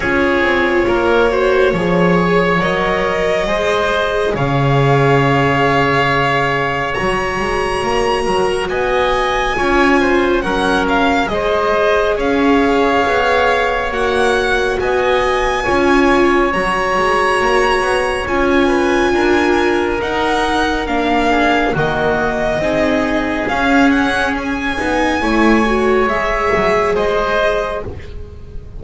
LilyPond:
<<
  \new Staff \with { instrumentName = "violin" } { \time 4/4 \tempo 4 = 69 cis''2. dis''4~ | dis''4 f''2. | ais''2 gis''2 | fis''8 f''8 dis''4 f''2 |
fis''4 gis''2 ais''4~ | ais''4 gis''2 fis''4 | f''4 dis''2 f''8 fis''8 | gis''2 e''4 dis''4 | }
  \new Staff \with { instrumentName = "oboe" } { \time 4/4 gis'4 ais'8 c''8 cis''2 | c''4 cis''2.~ | cis''4. ais'8 dis''4 cis''8 c''8 | ais'4 c''4 cis''2~ |
cis''4 dis''4 cis''2~ | cis''4. b'8 ais'2~ | ais'8 gis'8 fis'4 gis'2~ | gis'4 cis''2 c''4 | }
  \new Staff \with { instrumentName = "viola" } { \time 4/4 f'4. fis'8 gis'4 ais'4 | gis'1 | fis'2. f'4 | cis'4 gis'2. |
fis'2 f'4 fis'4~ | fis'4 f'2 dis'4 | d'4 ais4 dis'4 cis'4~ | cis'8 dis'8 e'8 fis'8 gis'2 | }
  \new Staff \with { instrumentName = "double bass" } { \time 4/4 cis'8 c'8 ais4 f4 fis4 | gis4 cis2. | fis8 gis8 ais8 fis8 b4 cis'4 | fis4 gis4 cis'4 b4 |
ais4 b4 cis'4 fis8 gis8 | ais8 b8 cis'4 d'4 dis'4 | ais4 dis4 c'4 cis'4~ | cis'8 b8 a4 gis8 fis8 gis4 | }
>>